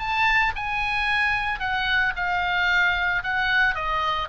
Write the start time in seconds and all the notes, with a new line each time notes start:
0.00 A5
0.56 G#5
1.60 F#5
2.16 F5
3.24 F#5
3.75 D#5